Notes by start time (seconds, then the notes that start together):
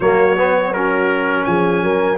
0.00 F#3 A#3 F#4 C#5
0.36 B3
0.73 C#4 A#4
1.44 F3 G#4 G#5
1.82 F#3 A#4